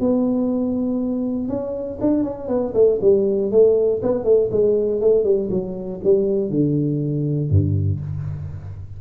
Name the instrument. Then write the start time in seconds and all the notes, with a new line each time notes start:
tuba
0.00 B3
1.49 C#4
2.01 D4
2.24 C#4
2.48 B3
2.74 A3
3.01 G3
3.51 A3
4.03 B3
4.24 A3
4.51 G#3
5.01 A3
5.24 G3
5.50 F#3
6.04 G3
6.50 D3
7.50 G2